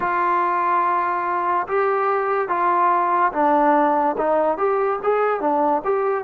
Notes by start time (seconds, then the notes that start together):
0.00 F4
1.67 G4
2.48 F4
3.33 D4
4.17 D#4
4.57 G4
5.03 G#4
5.40 D4
5.84 G4